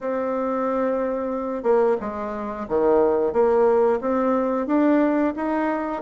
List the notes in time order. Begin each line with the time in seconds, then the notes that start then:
0.01 C4
1.63 A#3
2.00 G#3
2.68 D#3
3.32 A#3
4.01 C4
4.66 D4
5.35 D#4